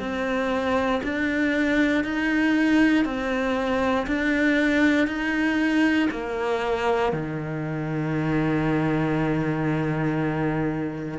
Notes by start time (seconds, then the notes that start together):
0.00 C4
1.04 D4
2.04 D#4
3.05 C4
4.07 D4
5.08 D#4
6.11 A#3
7.13 D#3